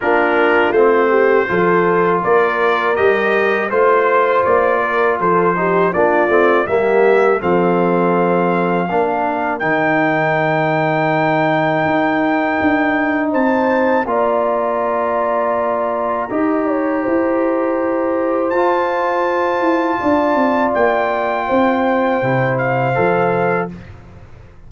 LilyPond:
<<
  \new Staff \with { instrumentName = "trumpet" } { \time 4/4 \tempo 4 = 81 ais'4 c''2 d''4 | dis''4 c''4 d''4 c''4 | d''4 e''4 f''2~ | f''4 g''2.~ |
g''2 a''4 ais''4~ | ais''1~ | ais''4 a''2. | g''2~ g''8 f''4. | }
  \new Staff \with { instrumentName = "horn" } { \time 4/4 f'4. g'8 a'4 ais'4~ | ais'4 c''4. ais'8 a'8 g'8 | f'4 g'4 a'2 | ais'1~ |
ais'2 c''4 d''4~ | d''2 dis''8 cis''8 c''4~ | c''2. d''4~ | d''4 c''2. | }
  \new Staff \with { instrumentName = "trombone" } { \time 4/4 d'4 c'4 f'2 | g'4 f'2~ f'8 dis'8 | d'8 c'8 ais4 c'2 | d'4 dis'2.~ |
dis'2. f'4~ | f'2 g'2~ | g'4 f'2.~ | f'2 e'4 a'4 | }
  \new Staff \with { instrumentName = "tuba" } { \time 4/4 ais4 a4 f4 ais4 | g4 a4 ais4 f4 | ais8 a8 g4 f2 | ais4 dis2. |
dis'4 d'4 c'4 ais4~ | ais2 dis'4 e'4~ | e'4 f'4. e'8 d'8 c'8 | ais4 c'4 c4 f4 | }
>>